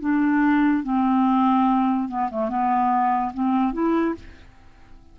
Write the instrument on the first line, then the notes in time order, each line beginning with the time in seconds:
clarinet
0.00 D4
0.83 C4
2.09 B3
2.30 A3
2.48 B3
3.34 C4
3.73 E4